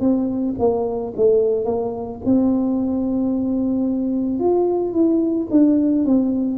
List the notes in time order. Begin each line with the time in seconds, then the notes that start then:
0.00 C4
0.59 A#3
1.16 A3
1.65 A#3
2.25 C4
4.39 F4
4.93 E4
5.50 D4
6.05 C4